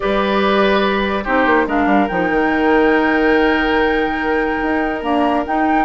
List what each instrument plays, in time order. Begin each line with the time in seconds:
0.00 bassoon G3, clarinet G4, oboe B4, flute D5
1.23 bassoon C4, clarinet D#4, oboe G4, flute C5
1.46 bassoon A#3
1.66 bassoon G#3, clarinet D4, oboe A#4, flute F5
1.85 bassoon G3
2.08 bassoon F3, clarinet D#4, flute G5
2.29 bassoon D#3
4.62 bassoon D#4
5.01 clarinet A#3, bassoon D4, flute A#5
5.45 clarinet D#4, bassoon D#4, flute G5